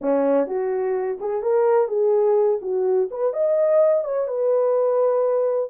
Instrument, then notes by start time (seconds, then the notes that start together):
horn
0.01 C#4
0.47 F#4
1.20 G#4
1.42 A#4
1.88 G#4
2.61 F#4
3.10 B4
3.33 D#5
4.04 C#5
4.27 B4